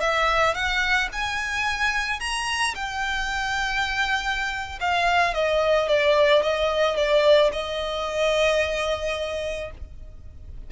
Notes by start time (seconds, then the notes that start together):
0.00 E5
0.54 F#5
1.12 G#5
2.19 A#5
2.74 G5
4.80 F5
5.33 D#5
5.87 D5
6.42 D#5
6.96 D5
7.52 D#5